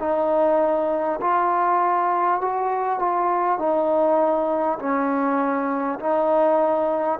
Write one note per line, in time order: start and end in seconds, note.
0.00 1.20 D#4
1.21 2.41 F4
2.41 2.99 F#4
2.99 3.58 F4
3.58 4.78 D#4
4.79 5.99 C#4
5.99 7.19 D#4